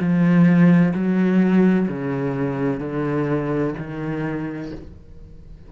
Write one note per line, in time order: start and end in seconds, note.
0.00 0.94 F3
0.95 1.88 F#3
1.89 2.80 C#3
2.80 3.74 D3
3.78 4.72 D#3